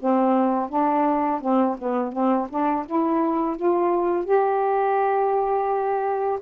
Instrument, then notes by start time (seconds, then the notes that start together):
saxophone
0.00 C4
0.69 D4
1.41 C4
1.79 B3
2.13 C4
2.50 D4
2.86 E4
3.57 F4
4.25 G4